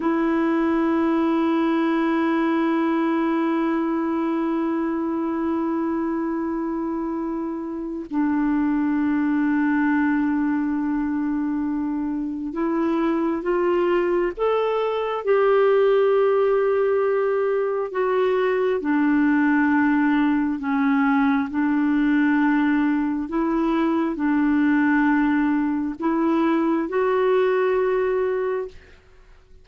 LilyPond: \new Staff \with { instrumentName = "clarinet" } { \time 4/4 \tempo 4 = 67 e'1~ | e'1~ | e'4 d'2.~ | d'2 e'4 f'4 |
a'4 g'2. | fis'4 d'2 cis'4 | d'2 e'4 d'4~ | d'4 e'4 fis'2 | }